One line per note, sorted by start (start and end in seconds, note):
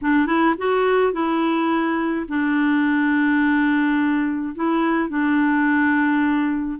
0.01 0.26 D4
0.26 0.54 E4
0.57 1.12 F#4
1.12 2.25 E4
2.28 4.54 D4
4.55 5.09 E4
5.09 6.79 D4